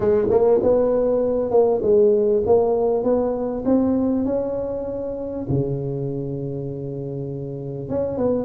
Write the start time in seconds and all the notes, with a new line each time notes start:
0.00 G#3
0.30 A#3
0.63 B3
1.50 A#3
1.82 G#3
2.45 A#3
3.03 B3
3.65 C4
4.25 C#4
5.49 C#3
7.89 C#4
8.17 B3